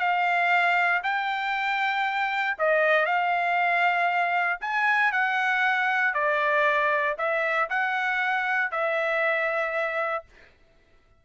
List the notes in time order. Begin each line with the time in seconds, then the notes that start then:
0.00 F5
1.04 G5
2.59 D#5
3.06 F5
4.62 G#5
5.12 F#5
6.14 D5
7.18 E5
7.70 F#5
8.72 E5